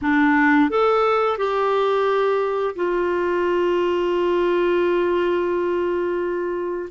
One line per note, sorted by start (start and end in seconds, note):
0.01 0.70 D4
0.70 1.37 A4
1.37 2.75 G4
2.75 6.89 F4